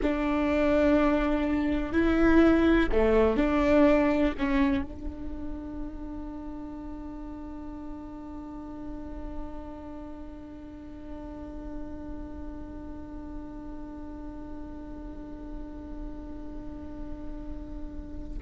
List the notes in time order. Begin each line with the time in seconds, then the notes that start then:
0.02 D4
1.92 E4
2.92 A3
3.37 D4
4.38 C#4
4.83 D4